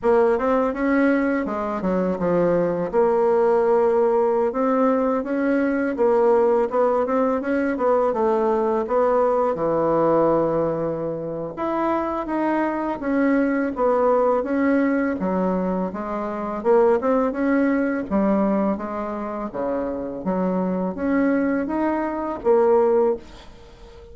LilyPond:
\new Staff \with { instrumentName = "bassoon" } { \time 4/4 \tempo 4 = 83 ais8 c'8 cis'4 gis8 fis8 f4 | ais2~ ais16 c'4 cis'8.~ | cis'16 ais4 b8 c'8 cis'8 b8 a8.~ | a16 b4 e2~ e8. |
e'4 dis'4 cis'4 b4 | cis'4 fis4 gis4 ais8 c'8 | cis'4 g4 gis4 cis4 | fis4 cis'4 dis'4 ais4 | }